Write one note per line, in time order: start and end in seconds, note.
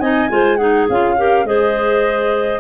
0.00 0.29 C4
0.00 0.29 D#4
0.00 0.30 D#5
0.00 0.57 G#5
0.29 0.88 G#3
0.29 0.58 F4
0.29 0.57 C5
0.57 0.88 D#4
0.57 1.15 G#4
0.57 0.85 F#5
0.89 1.45 C#4
0.89 1.17 F4
0.89 1.46 F5
1.17 1.46 G4
1.17 1.47 A#4
1.45 2.60 G#3
1.45 2.60 G#4
1.45 2.60 C5
1.45 2.60 D#5